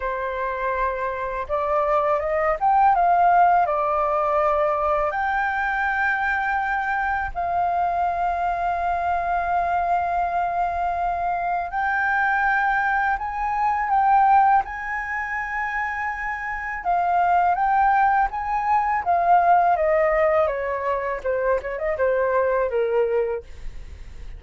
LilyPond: \new Staff \with { instrumentName = "flute" } { \time 4/4 \tempo 4 = 82 c''2 d''4 dis''8 g''8 | f''4 d''2 g''4~ | g''2 f''2~ | f''1 |
g''2 gis''4 g''4 | gis''2. f''4 | g''4 gis''4 f''4 dis''4 | cis''4 c''8 cis''16 dis''16 c''4 ais'4 | }